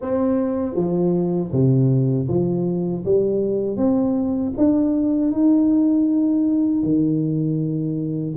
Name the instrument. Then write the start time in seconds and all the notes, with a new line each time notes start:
tuba
0.01 C4
0.75 F3
1.52 C3
2.28 F3
3.05 G3
3.76 C4
4.57 D4
5.31 D#4
6.83 D#3